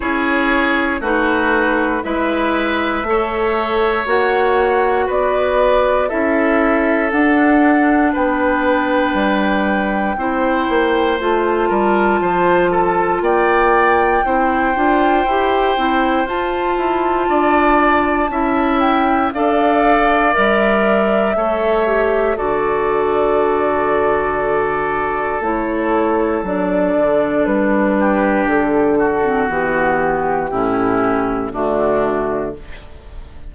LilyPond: <<
  \new Staff \with { instrumentName = "flute" } { \time 4/4 \tempo 4 = 59 cis''4 b'4 e''2 | fis''4 d''4 e''4 fis''4 | g''2. a''4~ | a''4 g''2. |
a''2~ a''8 g''8 f''4 | e''2 d''2~ | d''4 cis''4 d''4 b'4 | a'4 g'2 fis'4 | }
  \new Staff \with { instrumentName = "oboe" } { \time 4/4 gis'4 fis'4 b'4 cis''4~ | cis''4 b'4 a'2 | b'2 c''4. ais'8 | c''8 a'8 d''4 c''2~ |
c''4 d''4 e''4 d''4~ | d''4 cis''4 a'2~ | a'2.~ a'8 g'8~ | g'8 fis'4. e'4 d'4 | }
  \new Staff \with { instrumentName = "clarinet" } { \time 4/4 e'4 dis'4 e'4 a'4 | fis'2 e'4 d'4~ | d'2 e'4 f'4~ | f'2 e'8 f'8 g'8 e'8 |
f'2 e'4 a'4 | ais'4 a'8 g'8 fis'2~ | fis'4 e'4 d'2~ | d'8. c'16 b4 cis'4 a4 | }
  \new Staff \with { instrumentName = "bassoon" } { \time 4/4 cis'4 a4 gis4 a4 | ais4 b4 cis'4 d'4 | b4 g4 c'8 ais8 a8 g8 | f4 ais4 c'8 d'8 e'8 c'8 |
f'8 e'8 d'4 cis'4 d'4 | g4 a4 d2~ | d4 a4 fis8 d8 g4 | d4 e4 a,4 d4 | }
>>